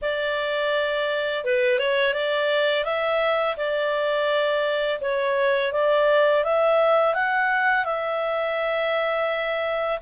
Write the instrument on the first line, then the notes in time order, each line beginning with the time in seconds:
clarinet
0.01 D5
1.44 B4
1.79 C#5
2.13 D5
2.84 E5
3.56 D5
5.00 C#5
5.72 D5
6.44 E5
7.14 F#5
7.84 E5